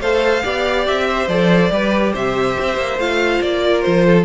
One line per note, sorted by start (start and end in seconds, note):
0.00 0.43 A3
0.00 0.43 A4
0.00 0.43 C5
0.00 0.86 F5
0.43 0.88 B3
0.43 1.28 G4
0.43 1.08 D5
0.87 1.28 C4
0.87 1.28 E5
1.08 1.72 C5
1.28 1.70 F3
1.28 1.70 A4
1.28 2.13 D5
1.70 2.13 G3
1.70 2.98 G4
1.70 2.12 B4
2.12 2.57 C3
2.12 3.61 C5
2.12 3.00 E5
2.59 2.77 C4
2.77 2.98 A#3
2.98 3.40 A3
2.98 4.25 F4
2.98 3.42 F5
3.41 3.83 A#3
3.41 3.81 D5
3.64 4.06 A#4
3.81 4.25 F3
3.81 4.24 C5
4.06 4.25 A4